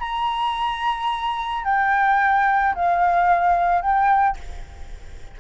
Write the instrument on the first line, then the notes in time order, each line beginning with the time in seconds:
flute
0.00 A#5
1.65 G5
2.75 F5
3.82 G5